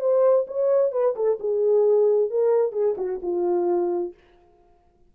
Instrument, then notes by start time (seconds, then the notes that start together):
horn
0.00 C5
0.47 C#5
0.92 B4
1.16 A4
1.40 G#4
2.30 A#4
2.72 G#4
2.98 F#4
3.22 F4